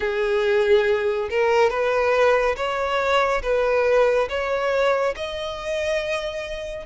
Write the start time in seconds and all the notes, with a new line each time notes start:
0.00 G#4
1.30 A#4
1.69 B4
2.56 C#5
3.42 B4
4.29 C#5
5.15 D#5